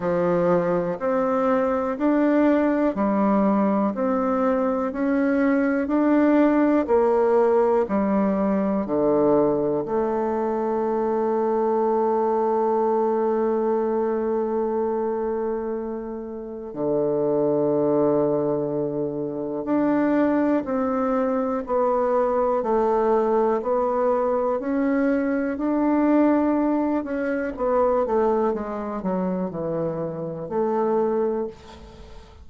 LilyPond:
\new Staff \with { instrumentName = "bassoon" } { \time 4/4 \tempo 4 = 61 f4 c'4 d'4 g4 | c'4 cis'4 d'4 ais4 | g4 d4 a2~ | a1~ |
a4 d2. | d'4 c'4 b4 a4 | b4 cis'4 d'4. cis'8 | b8 a8 gis8 fis8 e4 a4 | }